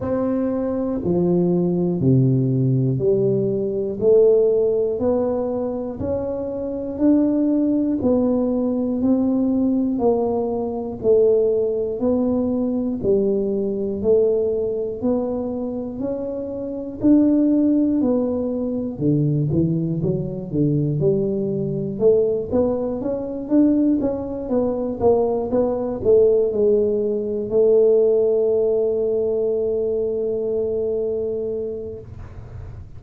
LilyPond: \new Staff \with { instrumentName = "tuba" } { \time 4/4 \tempo 4 = 60 c'4 f4 c4 g4 | a4 b4 cis'4 d'4 | b4 c'4 ais4 a4 | b4 g4 a4 b4 |
cis'4 d'4 b4 d8 e8 | fis8 d8 g4 a8 b8 cis'8 d'8 | cis'8 b8 ais8 b8 a8 gis4 a8~ | a1 | }